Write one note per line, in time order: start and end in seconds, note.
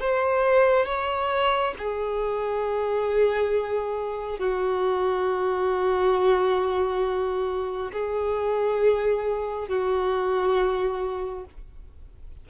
0.00 0.85 C5
0.85 1.74 C#5
1.78 4.39 G#4
4.39 7.92 F#4
7.92 9.68 G#4
9.68 11.44 F#4